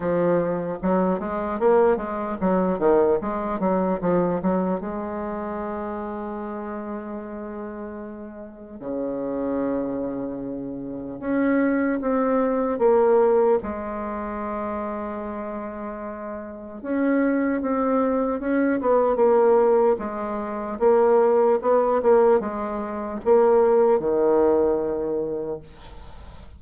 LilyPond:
\new Staff \with { instrumentName = "bassoon" } { \time 4/4 \tempo 4 = 75 f4 fis8 gis8 ais8 gis8 fis8 dis8 | gis8 fis8 f8 fis8 gis2~ | gis2. cis4~ | cis2 cis'4 c'4 |
ais4 gis2.~ | gis4 cis'4 c'4 cis'8 b8 | ais4 gis4 ais4 b8 ais8 | gis4 ais4 dis2 | }